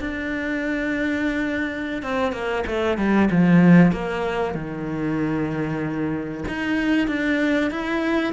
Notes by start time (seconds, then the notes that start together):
0.00 D4
2.02 C4
2.32 A#3
2.67 A3
2.98 G3
3.31 F3
3.92 A#3
4.55 D#3
6.48 D#4
7.08 D4
7.71 E4